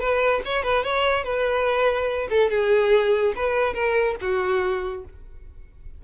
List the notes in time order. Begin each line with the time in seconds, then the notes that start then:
0.00 B4
0.46 C#5
0.63 B4
0.84 C#5
1.24 B4
2.30 A4
2.50 G#4
3.36 B4
3.74 A#4
4.21 F#4